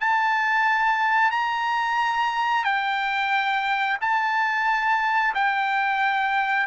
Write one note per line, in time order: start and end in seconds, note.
0.00 1.31 A5
1.31 2.64 A#5
2.64 3.97 G5
4.01 5.34 A5
5.34 6.66 G5